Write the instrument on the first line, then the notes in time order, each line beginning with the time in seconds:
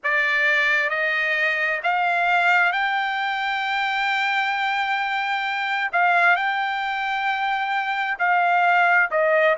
trumpet
0.03 D5
0.89 D#5
1.83 F5
2.72 G5
5.92 F5
6.36 G5
8.19 F5
9.10 D#5